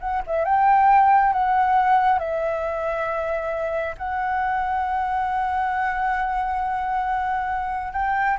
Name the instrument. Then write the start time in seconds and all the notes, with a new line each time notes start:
flute
0.00 F#5
0.27 E5
0.45 G5
1.33 F#5
2.19 E5
3.97 F#5
7.93 G5